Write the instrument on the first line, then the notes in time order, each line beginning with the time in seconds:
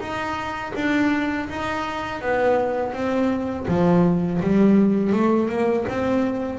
double bass
0.00 D#4
0.75 D4
1.50 D#4
2.22 B3
2.93 C4
3.68 F3
4.42 G3
5.13 A3
5.49 A#3
5.89 C4